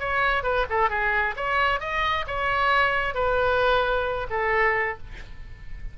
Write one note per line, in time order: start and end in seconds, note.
0.00 0.44 C#5
0.44 0.66 B4
0.70 0.90 A4
0.90 1.35 G#4
1.37 1.80 C#5
1.80 2.26 D#5
2.27 3.15 C#5
3.15 4.28 B4
4.30 4.98 A4